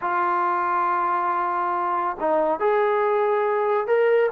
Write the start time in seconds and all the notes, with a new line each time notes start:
0.01 F4
2.20 D#4
2.59 G#4
3.87 A#4